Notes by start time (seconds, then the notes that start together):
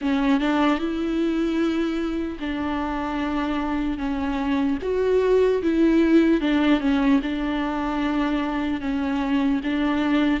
0.01 C#4
0.40 D4
0.78 E4
2.39 D4
3.98 C#4
4.81 F#4
5.62 E4
6.40 D4
6.80 C#4
7.22 D4
8.80 C#4
9.63 D4